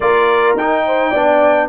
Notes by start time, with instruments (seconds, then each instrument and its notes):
0.00 tuba A#3, trombone F4, horn A#4, trumpet D5
0.56 tuba D#4, trombone D#4, trumpet G5
0.85 horn C5
1.10 tuba B3, trombone D4, horn D5